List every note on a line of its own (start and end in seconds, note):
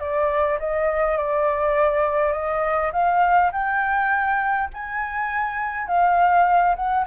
0.00 0.59 D5
0.60 1.18 D#5
1.18 2.33 D5
2.33 2.92 D#5
2.93 3.52 F5
3.52 4.70 G5
4.74 5.87 G#5
5.87 6.76 F5
6.76 7.06 F#5